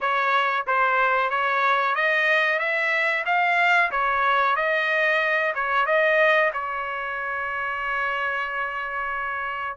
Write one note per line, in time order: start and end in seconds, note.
0.01 0.66 C#5
0.66 1.30 C5
1.30 1.95 C#5
1.95 2.59 D#5
2.59 3.24 E5
3.25 3.90 F5
3.91 4.56 C#5
4.56 5.53 D#5
5.54 5.86 C#5
5.86 6.51 D#5
6.53 9.77 C#5